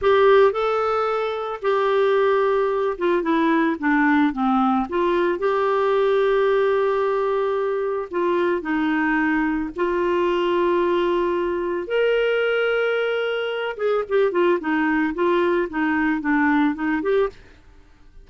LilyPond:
\new Staff \with { instrumentName = "clarinet" } { \time 4/4 \tempo 4 = 111 g'4 a'2 g'4~ | g'4. f'8 e'4 d'4 | c'4 f'4 g'2~ | g'2. f'4 |
dis'2 f'2~ | f'2 ais'2~ | ais'4. gis'8 g'8 f'8 dis'4 | f'4 dis'4 d'4 dis'8 g'8 | }